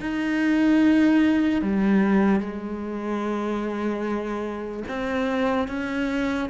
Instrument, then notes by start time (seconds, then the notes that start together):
cello
0.00 D#4
1.61 G3
2.40 G#3
4.88 C4
5.67 C#4